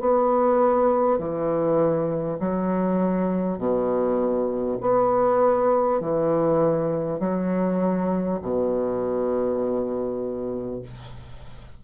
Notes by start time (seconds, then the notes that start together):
0.00 B3
1.18 E3
2.39 F#3
3.58 B2
4.81 B3
6.00 E3
7.19 F#3
8.42 B2